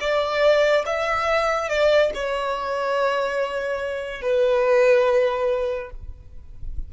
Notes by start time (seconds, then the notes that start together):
0.00 D5
0.86 E5
1.69 D5
2.14 C#5
4.21 B4